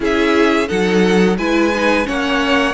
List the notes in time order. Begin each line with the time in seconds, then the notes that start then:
0.00 C#4 E4 G#4 E5
0.67 F#3 D#4 A4 F#5
1.37 G#3 E4 B4 G#5
1.74 D#4
2.04 A#3 C#4 C#5 F#5